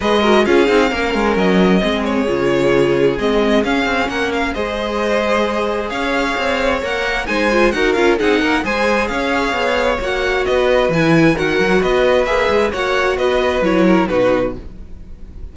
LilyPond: <<
  \new Staff \with { instrumentName = "violin" } { \time 4/4 \tempo 4 = 132 dis''4 f''2 dis''4~ | dis''8 cis''2~ cis''8 dis''4 | f''4 fis''8 f''8 dis''2~ | dis''4 f''2 fis''4 |
gis''4 fis''8 f''8 fis''4 gis''4 | f''2 fis''4 dis''4 | gis''4 fis''4 dis''4 e''4 | fis''4 dis''4 cis''4 b'4 | }
  \new Staff \with { instrumentName = "violin" } { \time 4/4 b'8 ais'8 gis'4 ais'2 | gis'1~ | gis'4 ais'4 c''2~ | c''4 cis''2. |
c''4 ais'4 gis'8 ais'8 c''4 | cis''2. b'4~ | b'4 ais'4 b'2 | cis''4 b'4. ais'8 fis'4 | }
  \new Staff \with { instrumentName = "viola" } { \time 4/4 gis'8 fis'8 f'8 dis'8 cis'2 | c'4 f'2 c'4 | cis'2 gis'2~ | gis'2. ais'4 |
dis'8 f'8 fis'8 f'8 dis'4 gis'4~ | gis'2 fis'2 | e'4 fis'2 gis'4 | fis'2 e'4 dis'4 | }
  \new Staff \with { instrumentName = "cello" } { \time 4/4 gis4 cis'8 c'8 ais8 gis8 fis4 | gis4 cis2 gis4 | cis'8 c'8 ais4 gis2~ | gis4 cis'4 c'4 ais4 |
gis4 dis'8 cis'8 c'8 ais8 gis4 | cis'4 b4 ais4 b4 | e4 dis8 fis8 b4 ais8 gis8 | ais4 b4 fis4 b,4 | }
>>